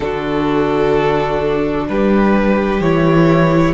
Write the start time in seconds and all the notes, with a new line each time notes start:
0.00 D3 D4 F#4 A4
1.88 G3 G4 B4
2.80 E3 E4 C#5